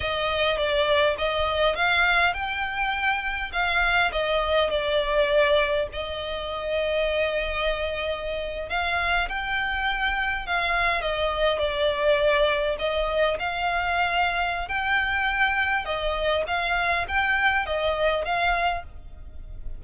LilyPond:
\new Staff \with { instrumentName = "violin" } { \time 4/4 \tempo 4 = 102 dis''4 d''4 dis''4 f''4 | g''2 f''4 dis''4 | d''2 dis''2~ | dis''2~ dis''8. f''4 g''16~ |
g''4.~ g''16 f''4 dis''4 d''16~ | d''4.~ d''16 dis''4 f''4~ f''16~ | f''4 g''2 dis''4 | f''4 g''4 dis''4 f''4 | }